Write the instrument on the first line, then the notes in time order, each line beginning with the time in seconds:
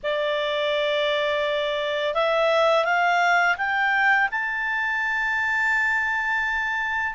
clarinet
0.03 D5
2.14 E5
2.84 F5
3.57 G5
4.31 A5